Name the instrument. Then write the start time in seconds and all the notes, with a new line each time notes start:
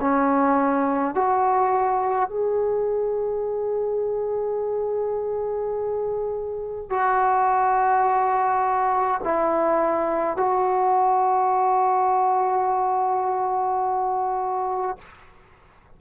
trombone
0.00 C#4
1.14 F#4
2.29 G#4
6.90 F#4
9.24 E4
10.37 F#4